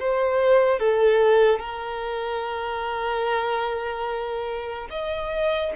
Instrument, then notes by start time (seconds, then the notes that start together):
violin
0.00 C5
0.80 A4
1.60 A#4
4.91 D#5